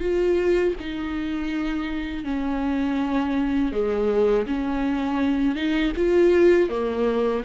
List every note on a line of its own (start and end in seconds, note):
0.00 0.74 F4
0.79 2.24 D#4
2.24 3.72 C#4
3.72 4.46 G#3
4.46 5.55 C#4
5.55 5.92 D#4
5.97 6.69 F4
6.69 7.43 A#3